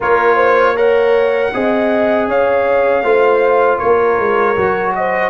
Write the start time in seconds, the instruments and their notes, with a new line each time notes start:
0.00 tuba A#3, trombone F4, horn A#4, trumpet C#5
0.35 horn C5
0.76 trombone A#4, horn C#5, trumpet F#5
1.53 tuba C4, trombone G#4, horn D#5
2.27 tuba C#4, horn C#5, trumpet F5
3.03 tuba A3, trombone F4, horn C5
3.78 tuba A#3, horn A#4, trumpet C#5
4.19 tuba G#3
4.56 tuba F#3, trombone F#4
4.95 horn C5, trumpet D#5